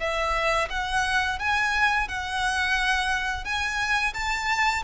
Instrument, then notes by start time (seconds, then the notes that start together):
violin
0.00 E5
0.70 F#5
1.39 G#5
2.08 F#5
3.45 G#5
4.14 A5